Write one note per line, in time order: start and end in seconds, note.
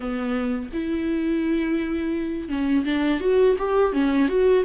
0.00 0.69 B3
0.73 2.48 E4
2.48 2.84 C#4
2.84 3.20 D4
3.20 3.56 F#4
3.58 3.93 G4
3.93 4.28 C#4
4.28 4.64 F#4